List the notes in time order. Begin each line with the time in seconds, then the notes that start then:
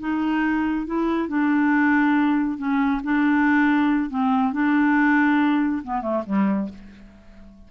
0.00 D#4
0.86 E4
1.28 D4
2.58 C#4
3.03 D4
4.10 C4
4.52 D4
5.83 B3
6.01 A3
6.26 G3